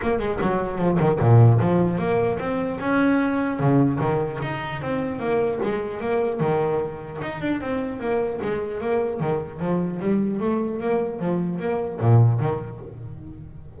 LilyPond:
\new Staff \with { instrumentName = "double bass" } { \time 4/4 \tempo 4 = 150 ais8 gis8 fis4 f8 dis8 ais,4 | f4 ais4 c'4 cis'4~ | cis'4 cis4 dis4 dis'4 | c'4 ais4 gis4 ais4 |
dis2 dis'8 d'8 c'4 | ais4 gis4 ais4 dis4 | f4 g4 a4 ais4 | f4 ais4 ais,4 dis4 | }